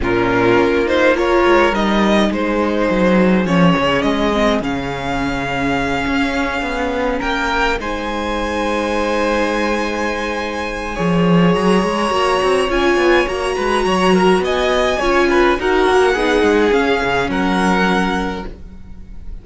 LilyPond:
<<
  \new Staff \with { instrumentName = "violin" } { \time 4/4 \tempo 4 = 104 ais'4. c''8 cis''4 dis''4 | c''2 cis''4 dis''4 | f''1~ | f''8 g''4 gis''2~ gis''8~ |
gis''1 | ais''2 gis''4 ais''4~ | ais''4 gis''2 fis''4~ | fis''4 f''4 fis''2 | }
  \new Staff \with { instrumentName = "violin" } { \time 4/4 f'2 ais'2 | gis'1~ | gis'1~ | gis'8 ais'4 c''2~ c''8~ |
c''2. cis''4~ | cis''2.~ cis''8 b'8 | cis''8 ais'8 dis''4 cis''8 b'8 ais'4 | gis'2 ais'2 | }
  \new Staff \with { instrumentName = "viola" } { \time 4/4 cis'4. dis'8 f'4 dis'4~ | dis'2 cis'4. c'8 | cis'1~ | cis'4. dis'2~ dis'8~ |
dis'2. gis'4~ | gis'4 fis'4 f'4 fis'4~ | fis'2 f'4 fis'4 | dis'4 cis'2. | }
  \new Staff \with { instrumentName = "cello" } { \time 4/4 ais,4 ais4. gis8 g4 | gis4 fis4 f8 cis8 gis4 | cis2~ cis8 cis'4 b8~ | b8 ais4 gis2~ gis8~ |
gis2. f4 | fis8 gis8 ais8 c'8 cis'8 b8 ais8 gis8 | fis4 b4 cis'4 dis'8 ais8 | b8 gis8 cis'8 cis8 fis2 | }
>>